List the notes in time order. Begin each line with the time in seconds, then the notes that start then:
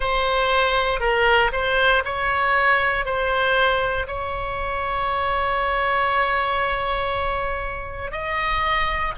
0.00 C5
1.00 A#4
1.52 C5
2.04 C#5
3.05 C5
4.07 C#5
8.11 D#5